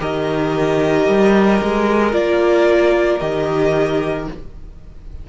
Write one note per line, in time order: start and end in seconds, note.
0.00 1.08 D#3
0.00 2.12 G4
0.00 4.29 A#4
0.00 2.14 D#5
1.08 1.61 G3
1.62 2.13 G#3
2.12 3.21 A#3
2.12 3.19 F4
2.12 3.20 D5
3.20 4.28 D#3
3.20 4.28 G4
3.20 4.27 D#5